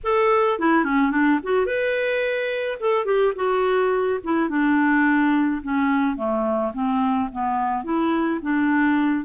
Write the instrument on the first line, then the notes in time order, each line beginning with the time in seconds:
clarinet
0.03 A4
0.59 E4
0.84 C#4
1.11 D4
1.43 F#4
1.66 B4
2.80 A4
3.05 G4
3.35 F#4
4.23 E4
4.49 D4
5.62 C#4
6.16 A3
6.73 C4
7.32 B3
7.84 E4
8.42 D4